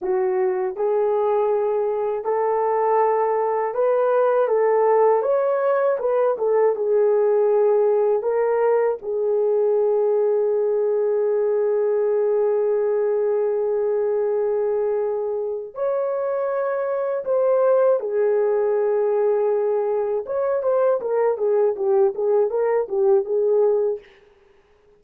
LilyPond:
\new Staff \with { instrumentName = "horn" } { \time 4/4 \tempo 4 = 80 fis'4 gis'2 a'4~ | a'4 b'4 a'4 cis''4 | b'8 a'8 gis'2 ais'4 | gis'1~ |
gis'1~ | gis'4 cis''2 c''4 | gis'2. cis''8 c''8 | ais'8 gis'8 g'8 gis'8 ais'8 g'8 gis'4 | }